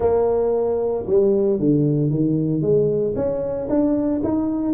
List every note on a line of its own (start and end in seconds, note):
0.00 1.05 A#3
1.06 1.59 G3
1.59 2.10 D3
2.10 2.61 D#3
2.61 3.14 G#3
3.15 3.68 C#4
3.69 4.21 D4
4.23 4.73 D#4